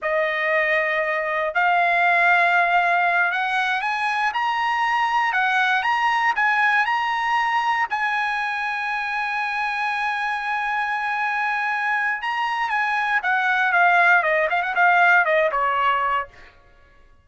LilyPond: \new Staff \with { instrumentName = "trumpet" } { \time 4/4 \tempo 4 = 118 dis''2. f''4~ | f''2~ f''8 fis''4 gis''8~ | gis''8 ais''2 fis''4 ais''8~ | ais''8 gis''4 ais''2 gis''8~ |
gis''1~ | gis''1 | ais''4 gis''4 fis''4 f''4 | dis''8 f''16 fis''16 f''4 dis''8 cis''4. | }